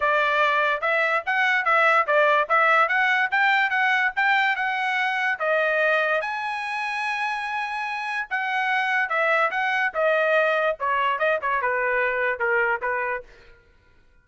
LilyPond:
\new Staff \with { instrumentName = "trumpet" } { \time 4/4 \tempo 4 = 145 d''2 e''4 fis''4 | e''4 d''4 e''4 fis''4 | g''4 fis''4 g''4 fis''4~ | fis''4 dis''2 gis''4~ |
gis''1 | fis''2 e''4 fis''4 | dis''2 cis''4 dis''8 cis''8 | b'2 ais'4 b'4 | }